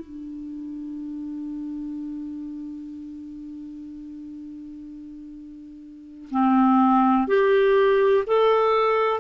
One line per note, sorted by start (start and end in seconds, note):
0.00 6.29 D4
6.31 7.28 C4
7.28 8.24 G4
8.27 9.20 A4